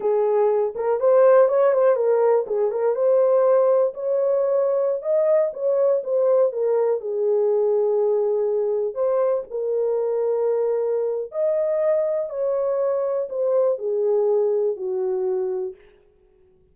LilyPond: \new Staff \with { instrumentName = "horn" } { \time 4/4 \tempo 4 = 122 gis'4. ais'8 c''4 cis''8 c''8 | ais'4 gis'8 ais'8 c''2 | cis''2~ cis''16 dis''4 cis''8.~ | cis''16 c''4 ais'4 gis'4.~ gis'16~ |
gis'2~ gis'16 c''4 ais'8.~ | ais'2. dis''4~ | dis''4 cis''2 c''4 | gis'2 fis'2 | }